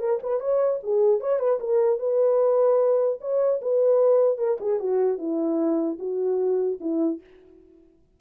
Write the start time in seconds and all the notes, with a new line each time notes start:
0.00 A#4
0.23 B4
0.41 C#5
0.83 G#4
1.21 C#5
1.39 B4
1.60 A#4
2.00 B4
3.21 C#5
3.62 B4
4.39 A#4
4.61 G#4
4.80 F#4
5.18 E4
5.99 F#4
6.81 E4